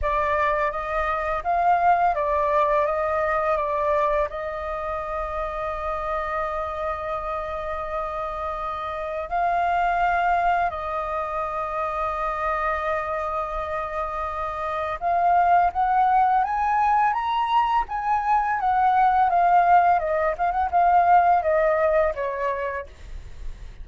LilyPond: \new Staff \with { instrumentName = "flute" } { \time 4/4 \tempo 4 = 84 d''4 dis''4 f''4 d''4 | dis''4 d''4 dis''2~ | dis''1~ | dis''4 f''2 dis''4~ |
dis''1~ | dis''4 f''4 fis''4 gis''4 | ais''4 gis''4 fis''4 f''4 | dis''8 f''16 fis''16 f''4 dis''4 cis''4 | }